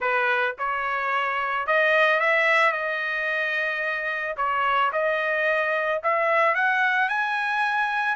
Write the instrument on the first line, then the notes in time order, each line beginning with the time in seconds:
trumpet
0.00 B4
0.58 C#5
1.66 D#5
2.19 E5
2.72 D#5
4.36 C#5
4.92 D#5
6.03 E5
6.54 F#5
7.09 G#5